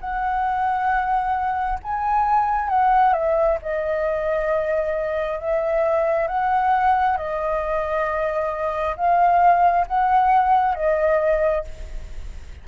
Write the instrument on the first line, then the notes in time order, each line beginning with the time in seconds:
flute
0.00 F#5
1.83 G#5
2.69 F#5
3.13 E5
3.62 D#5
5.40 E5
6.28 F#5
7.17 D#5
8.97 F5
9.88 F#5
10.75 D#5